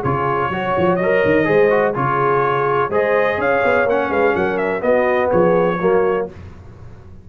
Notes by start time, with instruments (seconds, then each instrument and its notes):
0.00 tuba C#3, trombone F4, horn G#4, trumpet C#5
0.49 tuba F#3, trombone F#4, horn C#5
0.77 tuba F3
0.96 tuba F#3, trumpet D#5
1.02 trombone A#4
1.25 tuba D#3
1.45 tuba G#3, trombone G#4, horn C5
1.70 trombone F#4
1.94 tuba C#3, trombone F4, horn G#4, trumpet C#5
2.89 tuba G#3, trombone G#4, horn C5, trumpet D#5
3.38 tuba C#4, horn C#5, trumpet F5
3.64 tuba B3
3.85 tuba A#3, trombone C#4, trumpet F#5
4.09 tuba G#3, horn B4, trumpet F5
4.35 tuba F#3, horn A#4, trumpet F#5
4.57 trumpet E5
4.80 trombone B3, tuba B3, horn F#4, trumpet D#5
5.29 tuba F3, horn G#4, trumpet C#5
5.80 tuba F#3, trombone A#3, horn F#4